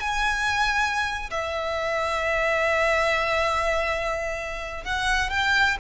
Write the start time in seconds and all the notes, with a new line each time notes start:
0.00 G#5
1.30 E5
4.84 F#5
5.30 G5